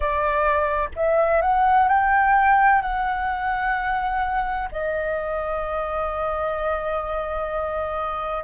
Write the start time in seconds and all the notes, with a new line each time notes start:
0.00 D5
0.95 E5
1.41 F#5
1.88 G5
2.81 F#5
4.71 D#5